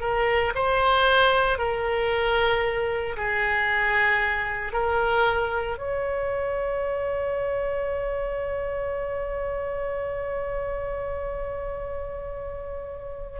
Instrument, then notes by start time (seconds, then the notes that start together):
oboe
0.00 A#4
0.55 C5
1.58 A#4
3.16 G#4
4.73 A#4
5.78 C#5